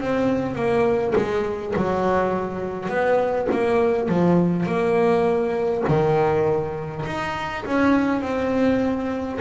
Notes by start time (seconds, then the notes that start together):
0.00 C4
0.55 A#3
1.16 G#3
1.76 F#3
2.89 B3
3.51 A#3
4.09 F3
4.66 A#3
5.88 D#3
7.05 D#4
7.65 C#4
8.21 C4